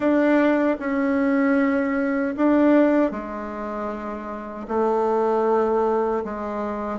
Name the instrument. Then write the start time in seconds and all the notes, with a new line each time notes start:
bassoon
0.00 D4
0.79 C#4
2.37 D4
3.11 G#3
4.68 A3
6.24 G#3